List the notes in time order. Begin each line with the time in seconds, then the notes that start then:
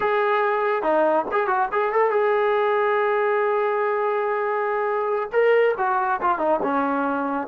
0.00 G#4
0.82 D#4
1.31 G#4
1.47 F#4
1.72 G#4
1.92 A4
2.10 G#4
5.32 A#4
5.77 F#4
6.21 F4
6.38 D#4
6.62 C#4